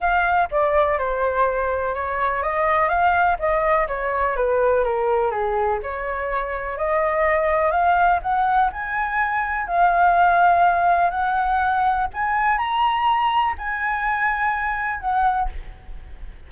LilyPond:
\new Staff \with { instrumentName = "flute" } { \time 4/4 \tempo 4 = 124 f''4 d''4 c''2 | cis''4 dis''4 f''4 dis''4 | cis''4 b'4 ais'4 gis'4 | cis''2 dis''2 |
f''4 fis''4 gis''2 | f''2. fis''4~ | fis''4 gis''4 ais''2 | gis''2. fis''4 | }